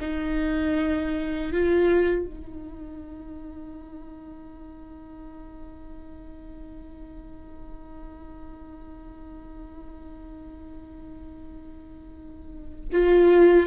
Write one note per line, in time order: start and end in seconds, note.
0.00 1.52 D#4
1.52 2.25 F4
2.25 12.88 D#4
12.92 13.66 F4